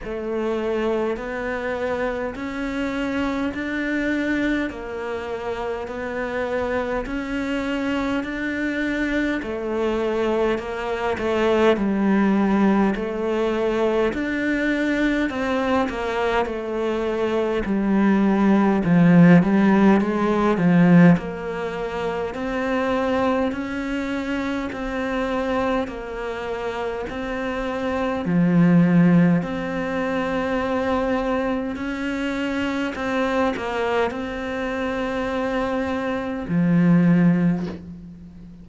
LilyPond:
\new Staff \with { instrumentName = "cello" } { \time 4/4 \tempo 4 = 51 a4 b4 cis'4 d'4 | ais4 b4 cis'4 d'4 | a4 ais8 a8 g4 a4 | d'4 c'8 ais8 a4 g4 |
f8 g8 gis8 f8 ais4 c'4 | cis'4 c'4 ais4 c'4 | f4 c'2 cis'4 | c'8 ais8 c'2 f4 | }